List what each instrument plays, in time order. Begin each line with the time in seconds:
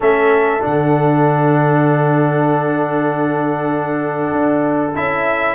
0.00 tuba A3, trombone C#4, horn A4, trumpet E5
0.60 tuba D3, trombone D4, trumpet F#5
4.31 tuba D4
4.95 tuba C#4, trombone E4, trumpet E5